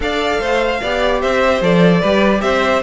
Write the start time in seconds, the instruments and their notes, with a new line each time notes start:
0.00 cello D4, viola A4, violin D5 F5
0.40 cello A3, violin C5
0.81 cello B3, viola G4, violin D5
1.20 cello C4, violin C5 E5
1.61 cello F3, viola A4, violin D5
2.00 cello G3, viola G4, violin B4
2.41 cello C4, violin C5 E5